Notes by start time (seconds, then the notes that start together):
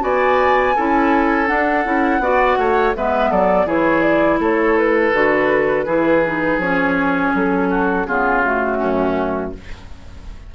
0.00 B3 F#4 D5 G#5
0.75 C#4 E4 A4
1.46 D4 F#5
1.84 C#4 E4
2.19 B3 F#4 D5
2.58 A3 C#5
2.95 G#3 B3 B4 E5
3.30 F#3 A4 D5
3.66 E3 E4 G#4 C#5
4.02 D5
4.39 A3 A4 C#5
4.78 B4
5.13 D3 F#4
5.85 E3 E4 G#4
6.25 D#4
6.58 F3 C#4 C#5
7.34 F#3 A4
7.70 F#4
8.06 C#3 B3 F4 G#4
8.43 A3 F#4
8.77 F#2 C#4